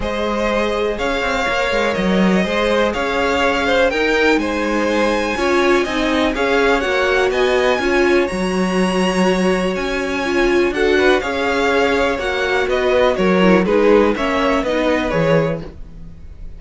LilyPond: <<
  \new Staff \with { instrumentName = "violin" } { \time 4/4 \tempo 4 = 123 dis''2 f''2 | dis''2 f''2 | g''4 gis''2.~ | gis''4 f''4 fis''4 gis''4~ |
gis''4 ais''2. | gis''2 fis''4 f''4~ | f''4 fis''4 dis''4 cis''4 | b'4 e''4 dis''4 cis''4 | }
  \new Staff \with { instrumentName = "violin" } { \time 4/4 c''2 cis''2~ | cis''4 c''4 cis''4. c''8 | ais'4 c''2 cis''4 | dis''4 cis''2 dis''4 |
cis''1~ | cis''2 a'8 b'8 cis''4~ | cis''2 b'4 ais'4 | gis'4 cis''4 b'2 | }
  \new Staff \with { instrumentName = "viola" } { \time 4/4 gis'2. ais'4~ | ais'4 gis'2. | dis'2. f'4 | dis'4 gis'4 fis'2 |
f'4 fis'2.~ | fis'4 f'4 fis'4 gis'4~ | gis'4 fis'2~ fis'8 e'8 | dis'4 cis'4 dis'4 gis'4 | }
  \new Staff \with { instrumentName = "cello" } { \time 4/4 gis2 cis'8 c'8 ais8 gis8 | fis4 gis4 cis'2 | dis'4 gis2 cis'4 | c'4 cis'4 ais4 b4 |
cis'4 fis2. | cis'2 d'4 cis'4~ | cis'4 ais4 b4 fis4 | gis4 ais4 b4 e4 | }
>>